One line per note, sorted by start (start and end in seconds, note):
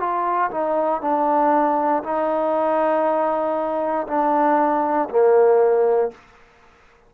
0.00 0.51 F4
0.51 1.02 D#4
1.02 2.03 D4
2.04 4.07 D#4
4.08 5.09 D4
5.10 6.12 A#3